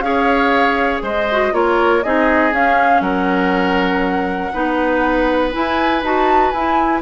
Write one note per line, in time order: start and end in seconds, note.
0.00 1.00 C#4
0.00 1.27 G#4
0.00 1.03 C#5
0.00 1.00 F5
1.02 1.52 G#3
1.02 1.53 C5
1.02 1.54 D#5
1.31 1.52 F#4
1.52 2.03 A#3
1.52 2.02 F4
1.52 2.04 A#4
1.52 2.03 C#5
2.03 2.52 C4
2.03 2.52 D#4
2.03 3.02 G#4
2.03 2.53 D#5
2.52 3.00 C#4
2.52 4.52 C#4
2.52 3.01 F5
3.00 4.50 F#3
3.00 4.52 A#4
3.00 5.51 F#5
4.53 5.54 B3
4.53 5.51 D#4
4.53 7.01 B4
5.51 6.01 E4
5.51 6.03 E4
5.51 6.02 G#5
6.03 6.52 D#4
6.03 6.54 F#4
6.03 6.50 A5
6.50 7.01 E4
6.50 7.00 G#5
6.56 7.01 E4